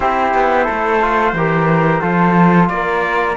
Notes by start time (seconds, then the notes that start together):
0.00 C4 E4 G4 C5
0.34 B3
0.63 A3 A4
1.00 F4
1.32 E3 G4 A#4
2.00 F3 F4 A4
2.68 A#3 A#4 D5